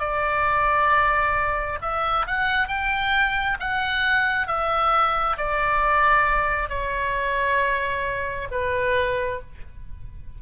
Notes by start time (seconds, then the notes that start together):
0.00 D5
1.82 E5
2.27 F#5
2.68 G5
3.60 F#5
4.47 E5
5.37 D5
6.69 C#5
8.51 B4